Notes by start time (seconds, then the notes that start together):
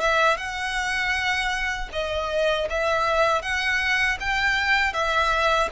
0.00 E5
0.37 F#5
1.92 D#5
2.69 E5
3.42 F#5
4.19 G5
4.93 E5